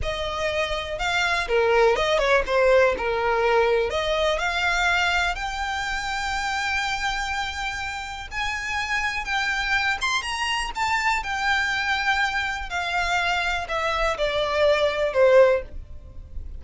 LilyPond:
\new Staff \with { instrumentName = "violin" } { \time 4/4 \tempo 4 = 123 dis''2 f''4 ais'4 | dis''8 cis''8 c''4 ais'2 | dis''4 f''2 g''4~ | g''1~ |
g''4 gis''2 g''4~ | g''8 c'''8 ais''4 a''4 g''4~ | g''2 f''2 | e''4 d''2 c''4 | }